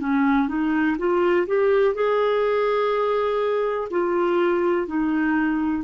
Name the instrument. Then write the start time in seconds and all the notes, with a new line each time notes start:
clarinet
0.00 C#4
0.49 D#4
0.99 F4
1.47 G4
1.95 G#4
3.91 F4
4.87 D#4